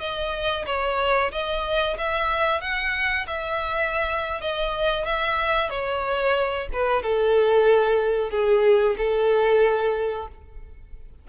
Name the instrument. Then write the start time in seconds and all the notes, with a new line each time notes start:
violin
0.00 D#5
0.66 C#5
1.31 D#5
1.98 E5
2.61 F#5
3.27 E5
4.41 D#5
5.05 E5
5.70 C#5
6.73 B4
7.02 A4
8.30 G#4
8.97 A4